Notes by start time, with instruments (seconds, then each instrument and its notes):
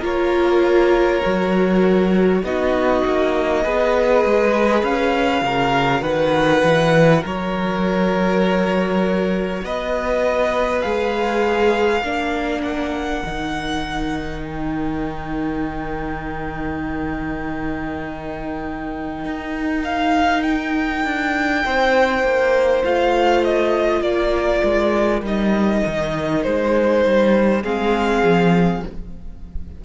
0.00 cello A#3, viola F4, violin A#4 C#5
1.23 cello F#3, viola F#4
2.43 cello B3, viola D#4, violin F#4 D#5
3.05 cello A#3
3.64 cello B3, viola G#4, violin B4
4.25 cello G#3
4.83 cello C#4, violin F5
5.42 cello C#3, viola F#4, violin A#4
6.02 cello D#3, violin B4 F#5
6.64 cello E3
7.21 cello F#3, violin A#4 C#5
9.62 cello B3, violin B4 D#5
10.81 cello G#3, viola G#4, violin F5
12.03 cello A#3, viola D4, violin A#4
12.62 violin F#5
13.25 cello D#3, viola D#4
14.43 violin G5
19.25 cello D#4
19.84 violin F5
20.43 violin G5
21.05 cello D4
21.65 cello C4, violin C5
22.23 cello A#3
22.84 cello A3, viola F4, violin F5
23.44 violin D#5
24.02 cello A#3, violin A#4 D5
24.64 cello G#3
25.22 cello G3, viola D#4, violin D#5
25.86 cello D#3
26.43 cello G#3, violin C5
27.05 cello G3
27.63 cello G#3, viola C4, violin G#4 F5
28.23 cello F3